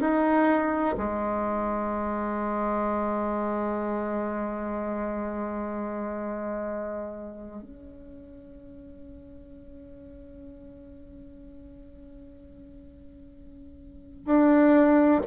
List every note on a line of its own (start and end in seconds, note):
0.00 0.95 D#4
0.97 7.63 G#3
7.63 14.26 C#4
14.26 15.21 D4